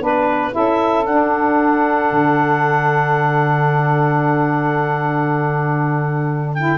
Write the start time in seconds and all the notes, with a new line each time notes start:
0.00 B3 D4 B4
0.51 C#4 E4 A4 E5
1.06 D4 F#5
2.11 D3
6.54 E4 G5